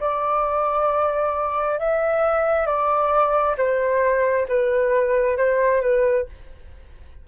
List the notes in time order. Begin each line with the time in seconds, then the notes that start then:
0.00 D5
1.79 E5
2.66 D5
3.57 C5
4.48 B4
5.37 C5
5.81 B4